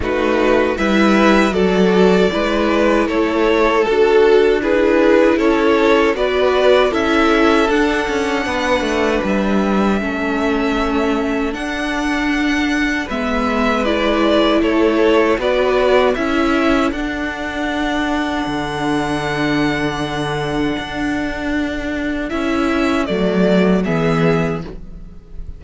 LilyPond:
<<
  \new Staff \with { instrumentName = "violin" } { \time 4/4 \tempo 4 = 78 b'4 e''4 d''2 | cis''4 a'4 b'4 cis''4 | d''4 e''4 fis''2 | e''2. fis''4~ |
fis''4 e''4 d''4 cis''4 | d''4 e''4 fis''2~ | fis''1~ | fis''4 e''4 d''4 e''4 | }
  \new Staff \with { instrumentName = "violin" } { \time 4/4 fis'4 b'4 a'4 b'4 | a'2 gis'4 a'4 | b'4 a'2 b'4~ | b'4 a'2.~ |
a'4 b'2 a'4 | b'4 a'2.~ | a'1~ | a'2. gis'4 | }
  \new Staff \with { instrumentName = "viola" } { \time 4/4 dis'4 e'4 fis'4 e'4~ | e'4 fis'4 e'2 | fis'4 e'4 d'2~ | d'4 cis'2 d'4~ |
d'4 b4 e'2 | fis'4 e'4 d'2~ | d'1~ | d'4 e'4 a4 b4 | }
  \new Staff \with { instrumentName = "cello" } { \time 4/4 a4 g4 fis4 gis4 | a4 d'2 cis'4 | b4 cis'4 d'8 cis'8 b8 a8 | g4 a2 d'4~ |
d'4 gis2 a4 | b4 cis'4 d'2 | d2. d'4~ | d'4 cis'4 fis4 e4 | }
>>